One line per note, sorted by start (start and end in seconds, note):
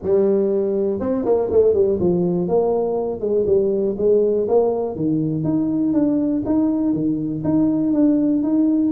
0.02 1.00 G3
1.00 1.24 C4
1.25 1.49 A#3
1.51 1.74 A3
1.74 1.98 G3
2.00 2.48 F3
2.48 3.20 A#3
3.20 3.45 G#3
3.46 3.96 G3
3.98 4.47 G#3
4.47 4.95 A#3
4.95 5.44 D#3
5.44 5.93 D#4
5.93 6.42 D4
6.45 6.93 D#4
6.93 7.42 D#3
7.44 7.93 D#4
7.93 8.42 D4
8.42 8.91 D#4